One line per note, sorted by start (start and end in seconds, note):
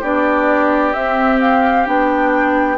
0.00 0.94 B3
0.00 0.93 D4
0.00 2.77 G4
0.00 0.93 D5
0.93 1.85 C4
0.93 1.87 C4
0.93 1.39 E5
1.40 1.87 F5
1.85 2.78 B3
1.85 2.77 D4
1.85 2.78 G5